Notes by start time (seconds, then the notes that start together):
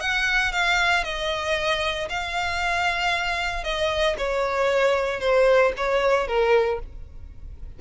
0.00 F#5
0.52 F5
1.04 D#5
2.09 F5
3.64 D#5
4.18 C#5
5.20 C5
5.77 C#5
6.27 A#4